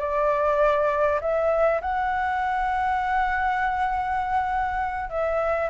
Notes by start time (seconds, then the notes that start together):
0.00 D5
1.21 E5
1.82 F#5
5.10 E5